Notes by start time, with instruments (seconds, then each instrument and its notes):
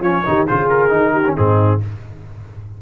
0.00 tuba F3, trombone C#4, horn F4, trumpet C#5
0.25 tuba D#3, trombone D#4, horn G4
0.46 tuba C#3, trombone F4, horn G#4, trumpet C5
0.69 trumpet A#4
0.89 tuba D#3, trombone D#4
1.12 horn G4
1.25 trombone C#4
1.34 tuba G#2, trombone C4, horn D#4, trumpet G#4